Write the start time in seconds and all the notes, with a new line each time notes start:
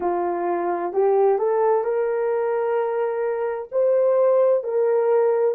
0.00 F4
0.92 G4
1.38 A4
1.83 A#4
3.71 C5
4.63 A#4